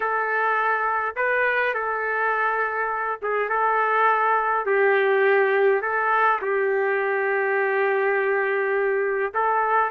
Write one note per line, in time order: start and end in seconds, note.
0.00 1.15 A4
1.16 1.73 B4
1.73 3.19 A4
3.21 3.49 G#4
3.49 4.65 A4
4.65 5.81 G4
5.81 6.39 A4
6.41 9.33 G4
9.34 9.90 A4